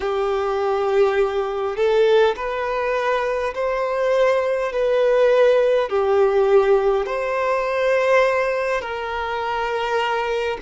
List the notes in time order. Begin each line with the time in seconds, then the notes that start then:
0.00 G4
1.76 A4
2.36 B4
3.54 C5
4.72 B4
5.89 G4
7.06 C5
8.81 A#4